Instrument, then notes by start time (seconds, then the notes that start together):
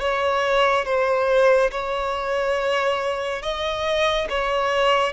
violin
0.00 C#5
0.85 C5
1.71 C#5
3.42 D#5
4.30 C#5